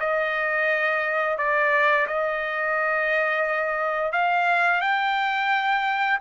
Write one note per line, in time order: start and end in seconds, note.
0.00 1.38 D#5
1.38 2.07 D5
2.07 4.12 D#5
4.12 4.81 F5
4.81 6.19 G5